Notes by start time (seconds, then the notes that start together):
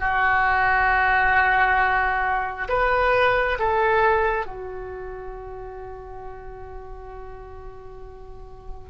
0.00 F#4
2.69 B4
3.59 A4
4.47 F#4